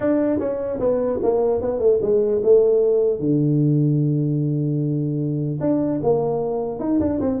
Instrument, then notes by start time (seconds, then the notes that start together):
tuba
0.00 D4
0.39 C#4
0.79 B3
1.23 A#3
1.61 B3
1.79 A3
2.01 G#3
2.43 A3
3.19 D3
5.60 D4
6.03 A#3
6.79 D#4
6.99 D4
7.20 C4